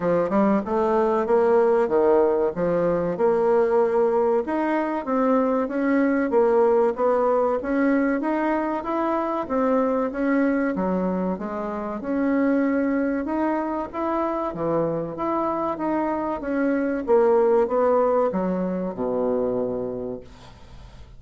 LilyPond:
\new Staff \with { instrumentName = "bassoon" } { \time 4/4 \tempo 4 = 95 f8 g8 a4 ais4 dis4 | f4 ais2 dis'4 | c'4 cis'4 ais4 b4 | cis'4 dis'4 e'4 c'4 |
cis'4 fis4 gis4 cis'4~ | cis'4 dis'4 e'4 e4 | e'4 dis'4 cis'4 ais4 | b4 fis4 b,2 | }